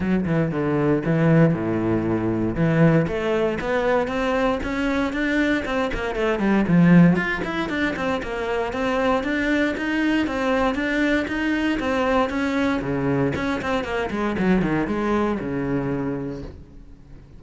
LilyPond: \new Staff \with { instrumentName = "cello" } { \time 4/4 \tempo 4 = 117 fis8 e8 d4 e4 a,4~ | a,4 e4 a4 b4 | c'4 cis'4 d'4 c'8 ais8 | a8 g8 f4 f'8 e'8 d'8 c'8 |
ais4 c'4 d'4 dis'4 | c'4 d'4 dis'4 c'4 | cis'4 cis4 cis'8 c'8 ais8 gis8 | fis8 dis8 gis4 cis2 | }